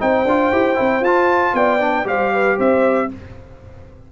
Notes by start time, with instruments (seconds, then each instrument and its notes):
0.00 tuba C4, trombone D#4, horn C5, trumpet G5
0.25 tuba D4, trombone F4
0.53 tuba E4, trombone G4
0.75 tuba C4, trombone E4
1.01 tuba F4, trombone F4, trumpet A5
1.54 tuba B3, horn D5, trumpet G5
1.80 trombone D4
2.05 tuba G3, trombone G4, horn C5, trumpet F5
2.33 horn B4
2.58 tuba C4, horn C5, trumpet E5